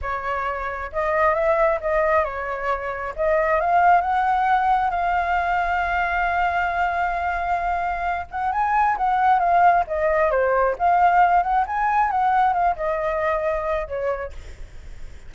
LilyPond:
\new Staff \with { instrumentName = "flute" } { \time 4/4 \tempo 4 = 134 cis''2 dis''4 e''4 | dis''4 cis''2 dis''4 | f''4 fis''2 f''4~ | f''1~ |
f''2~ f''8 fis''8 gis''4 | fis''4 f''4 dis''4 c''4 | f''4. fis''8 gis''4 fis''4 | f''8 dis''2~ dis''8 cis''4 | }